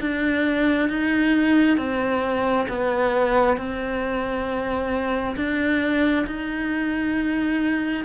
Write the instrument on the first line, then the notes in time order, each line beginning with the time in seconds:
cello
0.00 D4
0.89 D#4
1.77 C4
2.68 B3
3.57 C4
5.36 D4
6.26 D#4